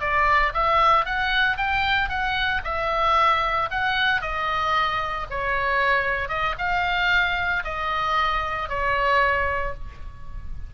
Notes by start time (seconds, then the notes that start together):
0.00 D5
0.54 E5
1.06 F#5
1.57 G5
2.09 F#5
2.64 E5
3.71 F#5
4.22 D#5
5.30 C#5
6.29 D#5
6.58 F5
7.64 D#5
8.69 C#5